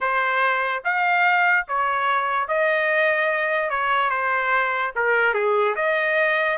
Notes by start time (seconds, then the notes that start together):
0.00 C5
0.84 F5
1.68 C#5
2.47 D#5
3.70 C#5
4.10 C5
4.95 A#4
5.34 G#4
5.75 D#5